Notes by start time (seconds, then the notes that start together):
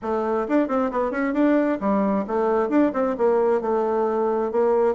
0.01 A3
0.47 D4
0.68 C4
0.91 B3
1.11 C#4
1.33 D4
1.80 G3
2.27 A3
2.69 D4
2.93 C4
3.17 A#3
3.61 A3
4.51 A#3